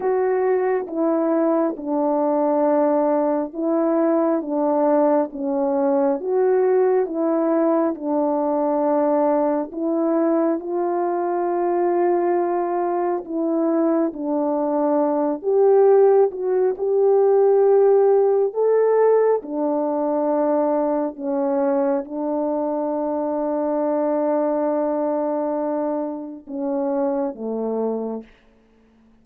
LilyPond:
\new Staff \with { instrumentName = "horn" } { \time 4/4 \tempo 4 = 68 fis'4 e'4 d'2 | e'4 d'4 cis'4 fis'4 | e'4 d'2 e'4 | f'2. e'4 |
d'4. g'4 fis'8 g'4~ | g'4 a'4 d'2 | cis'4 d'2.~ | d'2 cis'4 a4 | }